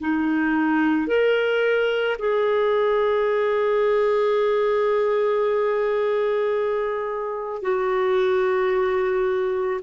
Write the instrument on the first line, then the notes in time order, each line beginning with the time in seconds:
clarinet
0.00 D#4
1.07 A#4
2.19 G#4
7.62 F#4